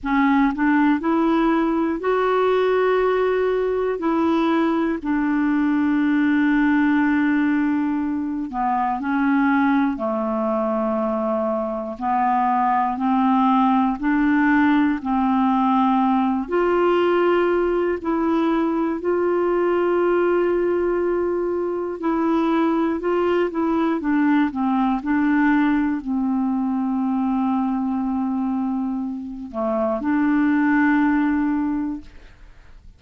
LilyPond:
\new Staff \with { instrumentName = "clarinet" } { \time 4/4 \tempo 4 = 60 cis'8 d'8 e'4 fis'2 | e'4 d'2.~ | d'8 b8 cis'4 a2 | b4 c'4 d'4 c'4~ |
c'8 f'4. e'4 f'4~ | f'2 e'4 f'8 e'8 | d'8 c'8 d'4 c'2~ | c'4. a8 d'2 | }